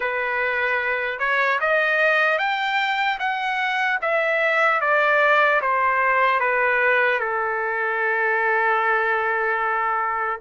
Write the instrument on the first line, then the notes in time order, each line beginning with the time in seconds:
trumpet
0.00 B4
1.19 C#5
1.60 D#5
2.38 G5
3.19 F#5
4.01 E5
4.80 D5
5.61 C5
6.40 B4
7.19 A4